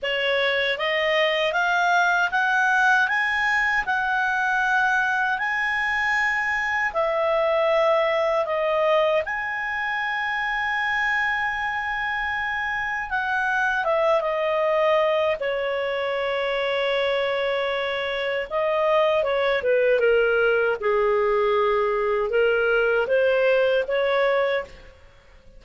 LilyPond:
\new Staff \with { instrumentName = "clarinet" } { \time 4/4 \tempo 4 = 78 cis''4 dis''4 f''4 fis''4 | gis''4 fis''2 gis''4~ | gis''4 e''2 dis''4 | gis''1~ |
gis''4 fis''4 e''8 dis''4. | cis''1 | dis''4 cis''8 b'8 ais'4 gis'4~ | gis'4 ais'4 c''4 cis''4 | }